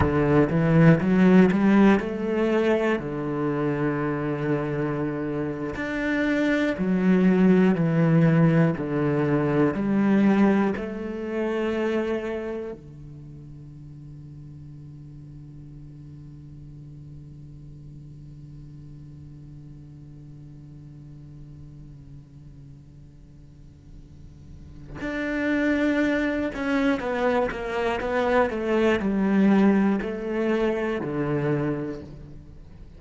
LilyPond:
\new Staff \with { instrumentName = "cello" } { \time 4/4 \tempo 4 = 60 d8 e8 fis8 g8 a4 d4~ | d4.~ d16 d'4 fis4 e16~ | e8. d4 g4 a4~ a16~ | a8. d2.~ d16~ |
d1~ | d1~ | d4 d'4. cis'8 b8 ais8 | b8 a8 g4 a4 d4 | }